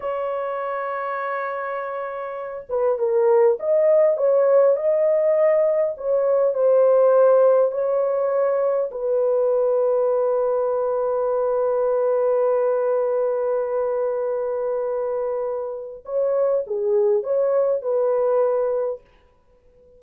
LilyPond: \new Staff \with { instrumentName = "horn" } { \time 4/4 \tempo 4 = 101 cis''1~ | cis''8 b'8 ais'4 dis''4 cis''4 | dis''2 cis''4 c''4~ | c''4 cis''2 b'4~ |
b'1~ | b'1~ | b'2. cis''4 | gis'4 cis''4 b'2 | }